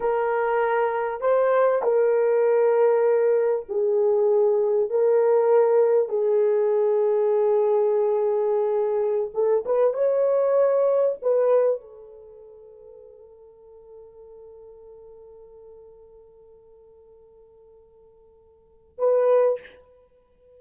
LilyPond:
\new Staff \with { instrumentName = "horn" } { \time 4/4 \tempo 4 = 98 ais'2 c''4 ais'4~ | ais'2 gis'2 | ais'2 gis'2~ | gis'2.~ gis'16 a'8 b'16~ |
b'16 cis''2 b'4 a'8.~ | a'1~ | a'1~ | a'2. b'4 | }